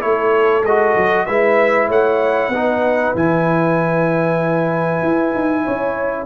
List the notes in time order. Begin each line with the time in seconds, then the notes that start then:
0.00 A3 E4 A4 C#5
0.63 G#3 F#4 D#5
0.96 F#3
1.26 G#3 E4 B4 E5
1.87 A3 C#5 F#5
2.48 B3 D#4
2.55 B4
3.14 E3 E4 G#5
5.02 E4
5.34 D#4
5.64 C#4 C#5